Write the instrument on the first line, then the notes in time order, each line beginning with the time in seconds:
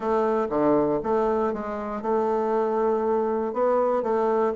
bassoon
0.00 A3
0.49 D3
1.03 A3
1.53 G#3
2.01 A3
3.53 B3
4.02 A3